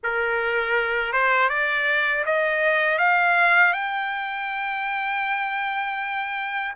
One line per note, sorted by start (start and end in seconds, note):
0.03 1.12 A#4
1.12 1.49 C5
1.49 2.24 D5
2.25 2.98 D#5
2.98 3.73 F5
3.73 6.73 G5